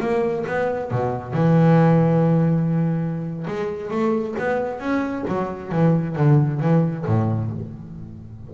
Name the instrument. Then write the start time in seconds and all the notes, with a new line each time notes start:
double bass
0.00 A#3
0.46 B3
0.91 B2
1.33 E3
3.47 G#3
3.91 A3
4.39 B3
4.80 C#4
5.28 F#3
5.72 E3
6.16 D3
6.60 E3
7.06 A2